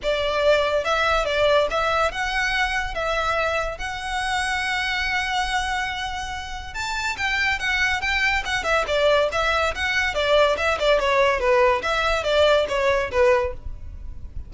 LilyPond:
\new Staff \with { instrumentName = "violin" } { \time 4/4 \tempo 4 = 142 d''2 e''4 d''4 | e''4 fis''2 e''4~ | e''4 fis''2.~ | fis''1 |
a''4 g''4 fis''4 g''4 | fis''8 e''8 d''4 e''4 fis''4 | d''4 e''8 d''8 cis''4 b'4 | e''4 d''4 cis''4 b'4 | }